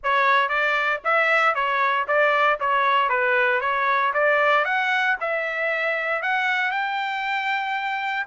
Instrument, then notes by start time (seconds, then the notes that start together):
trumpet
0.03 C#5
0.49 D5
1.04 E5
1.54 C#5
2.07 D5
2.60 C#5
3.09 B4
3.61 C#5
4.13 D5
4.64 F#5
5.20 E5
6.22 F#5
6.71 G5